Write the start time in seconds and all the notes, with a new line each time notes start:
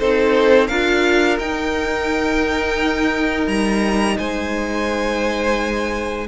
0.00 C4 D#4 A4 C5
0.68 D4 F4 A#4 F5
1.39 D#4 G5
3.48 G3 A#5
4.18 G#3 C5 G#5